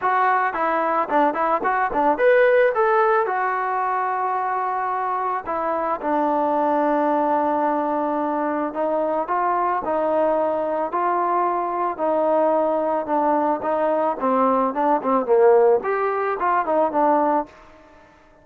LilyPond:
\new Staff \with { instrumentName = "trombone" } { \time 4/4 \tempo 4 = 110 fis'4 e'4 d'8 e'8 fis'8 d'8 | b'4 a'4 fis'2~ | fis'2 e'4 d'4~ | d'1 |
dis'4 f'4 dis'2 | f'2 dis'2 | d'4 dis'4 c'4 d'8 c'8 | ais4 g'4 f'8 dis'8 d'4 | }